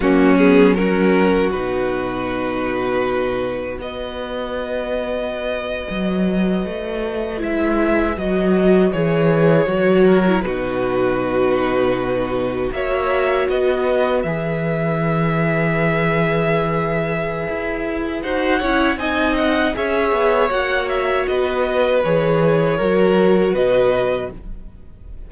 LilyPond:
<<
  \new Staff \with { instrumentName = "violin" } { \time 4/4 \tempo 4 = 79 fis'8 gis'8 ais'4 b'2~ | b'4 dis''2.~ | dis''4.~ dis''16 e''4 dis''4 cis''16~ | cis''4.~ cis''16 b'2~ b'16~ |
b'8. e''4 dis''4 e''4~ e''16~ | e''1 | fis''4 gis''8 fis''8 e''4 fis''8 e''8 | dis''4 cis''2 dis''4 | }
  \new Staff \with { instrumentName = "violin" } { \time 4/4 cis'4 fis'2.~ | fis'4 b'2.~ | b'1~ | b'4~ b'16 ais'8 fis'2~ fis'16~ |
fis'8. cis''4 b'2~ b'16~ | b'1 | c''8 cis''8 dis''4 cis''2 | b'2 ais'4 b'4 | }
  \new Staff \with { instrumentName = "viola" } { \time 4/4 ais8 b8 cis'4 dis'2~ | dis'4 fis'2.~ | fis'4.~ fis'16 e'4 fis'4 gis'16~ | gis'8. fis'8. e'16 dis'2~ dis'16~ |
dis'8. fis'2 gis'4~ gis'16~ | gis'1 | fis'8 e'8 dis'4 gis'4 fis'4~ | fis'4 gis'4 fis'2 | }
  \new Staff \with { instrumentName = "cello" } { \time 4/4 fis2 b,2~ | b,4 b2~ b8. fis16~ | fis8. a4 gis4 fis4 e16~ | e8. fis4 b,2~ b,16~ |
b,8. ais4 b4 e4~ e16~ | e2. e'4 | dis'8 cis'8 c'4 cis'8 b8 ais4 | b4 e4 fis4 b,4 | }
>>